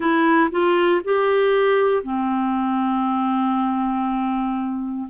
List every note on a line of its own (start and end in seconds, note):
0.00 0.49 E4
0.50 1.01 F4
1.04 2.03 G4
2.03 5.08 C4